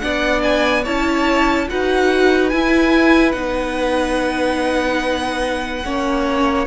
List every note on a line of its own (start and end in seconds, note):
0.00 0.87 B3
0.00 0.84 D4
0.00 0.83 D5
0.00 0.42 F#5
0.43 0.85 G#5
0.83 1.70 C#4
0.83 1.68 E4
0.83 1.66 C#5
0.83 1.68 A5
1.68 2.53 D#4
1.68 2.52 F#4
1.68 5.85 B4
1.68 2.49 F#5
2.49 3.33 E4
2.49 3.34 E4
2.49 3.32 G#5
3.32 5.84 B3
3.32 5.83 D#4
3.32 6.65 F#5
5.85 6.67 A#3
5.85 6.67 C#4
5.85 6.67 C#5